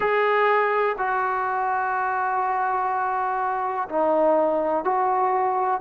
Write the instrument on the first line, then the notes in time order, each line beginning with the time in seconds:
trombone
0.00 G#4
0.98 F#4
3.89 D#4
4.84 F#4